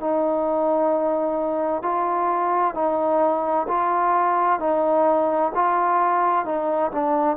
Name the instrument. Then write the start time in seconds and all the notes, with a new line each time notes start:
trombone
0.00 D#4
1.83 F4
2.74 D#4
3.68 F4
4.59 D#4
5.55 F4
6.45 D#4
6.91 D4